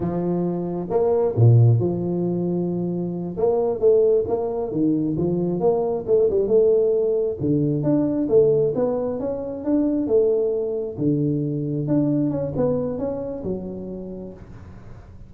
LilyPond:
\new Staff \with { instrumentName = "tuba" } { \time 4/4 \tempo 4 = 134 f2 ais4 ais,4 | f2.~ f8 ais8~ | ais8 a4 ais4 dis4 f8~ | f8 ais4 a8 g8 a4.~ |
a8 d4 d'4 a4 b8~ | b8 cis'4 d'4 a4.~ | a8 d2 d'4 cis'8 | b4 cis'4 fis2 | }